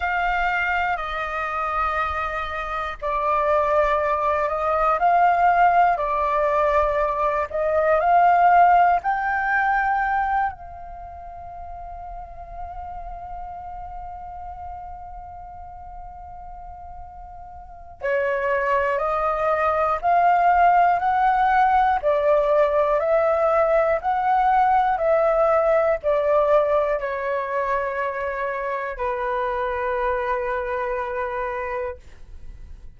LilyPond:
\new Staff \with { instrumentName = "flute" } { \time 4/4 \tempo 4 = 60 f''4 dis''2 d''4~ | d''8 dis''8 f''4 d''4. dis''8 | f''4 g''4. f''4.~ | f''1~ |
f''2 cis''4 dis''4 | f''4 fis''4 d''4 e''4 | fis''4 e''4 d''4 cis''4~ | cis''4 b'2. | }